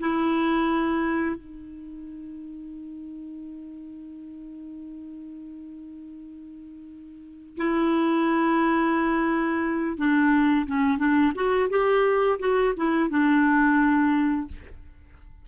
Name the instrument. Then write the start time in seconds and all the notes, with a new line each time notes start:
clarinet
0.00 E4
1.36 D#4
7.57 E4
9.97 D4
10.67 C#4
10.98 D4
11.35 F#4
11.70 G4
12.39 F#4
12.76 E4
13.10 D4